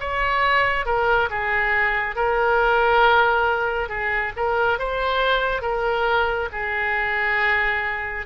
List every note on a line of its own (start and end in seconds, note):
0.00 0.86 C#5
0.86 1.30 A#4
1.30 2.16 G#4
2.16 3.89 A#4
3.89 4.32 G#4
4.36 4.79 A#4
4.79 5.62 C5
5.62 6.49 A#4
6.52 8.26 G#4